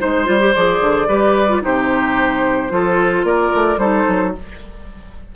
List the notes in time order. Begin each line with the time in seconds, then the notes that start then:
0.00 G#3 D#4 C5
0.25 G3 F4
0.40 G4
0.55 F3 G#4 D5
0.81 D3
1.08 G3 G4 B4
1.49 F4
1.62 C3 D#4 G4 C5
2.69 F3 F4 A4
3.23 A#3 A#4 D5
3.54 A3
3.77 G3 D#4 A4 C5
4.08 F#3